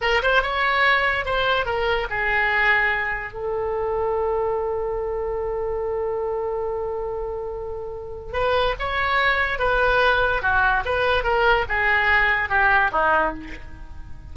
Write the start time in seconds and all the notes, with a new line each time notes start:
0.01 A#4
0.22 C5
0.42 C#5
1.25 C5
1.65 A#4
2.10 G#4
3.33 A4
8.32 B4
8.79 C#5
9.59 B4
10.42 F#4
10.85 B4
11.23 A#4
11.69 G#4
12.49 G4
12.91 D#4